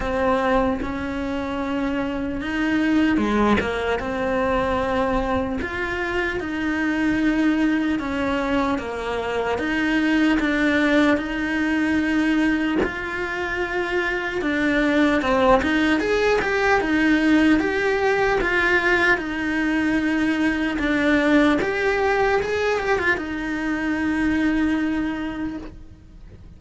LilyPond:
\new Staff \with { instrumentName = "cello" } { \time 4/4 \tempo 4 = 75 c'4 cis'2 dis'4 | gis8 ais8 c'2 f'4 | dis'2 cis'4 ais4 | dis'4 d'4 dis'2 |
f'2 d'4 c'8 dis'8 | gis'8 g'8 dis'4 g'4 f'4 | dis'2 d'4 g'4 | gis'8 g'16 f'16 dis'2. | }